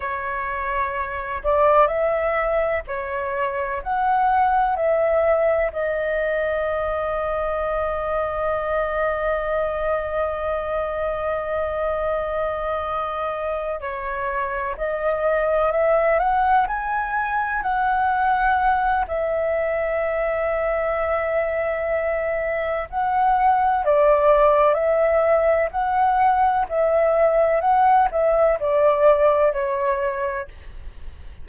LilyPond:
\new Staff \with { instrumentName = "flute" } { \time 4/4 \tempo 4 = 63 cis''4. d''8 e''4 cis''4 | fis''4 e''4 dis''2~ | dis''1~ | dis''2~ dis''8 cis''4 dis''8~ |
dis''8 e''8 fis''8 gis''4 fis''4. | e''1 | fis''4 d''4 e''4 fis''4 | e''4 fis''8 e''8 d''4 cis''4 | }